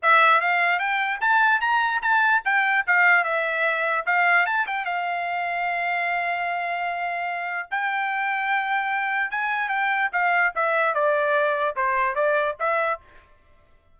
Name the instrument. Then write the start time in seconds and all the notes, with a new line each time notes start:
trumpet
0.02 E5
0.41 F5
0.79 G5
1.21 A5
1.60 A#5
2.01 A5
2.44 G5
2.86 F5
3.24 E5
4.06 F5
4.46 A5
4.67 G5
4.85 F5
7.70 G5
9.30 G#5
9.69 G5
10.12 F5
10.55 E5
10.94 D5
11.76 C5
12.15 D5
12.59 E5